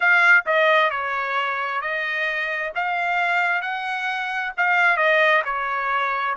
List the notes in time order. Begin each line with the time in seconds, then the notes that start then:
0.00 F5
0.45 D#5
0.90 C#5
1.81 D#5
2.75 F5
3.61 F#5
4.57 F5
4.96 D#5
5.45 C#5